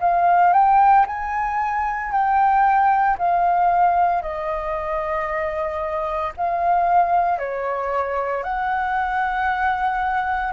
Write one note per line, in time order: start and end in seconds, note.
0.00 0.53 F5
0.53 1.05 G5
1.06 2.11 G#5
2.11 3.17 G5
3.18 4.22 F5
4.22 6.33 D#5
6.37 7.38 F5
7.38 8.43 C#5
8.43 10.52 F#5